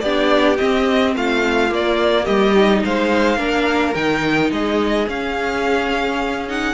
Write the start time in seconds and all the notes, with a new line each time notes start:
0.00 B3 D4 G4 D5
0.56 C4 D#5
1.15 A3 F4 F5
1.68 A#3 D5
2.24 G3 G4 D#5
2.55 D#4
2.84 G#3 C5 F5
3.37 A#3 D4 A#4
3.94 D#3 D#4 G5
4.51 G#3 G#4 D#5
5.06 C#4 F5
6.48 D#4 F#5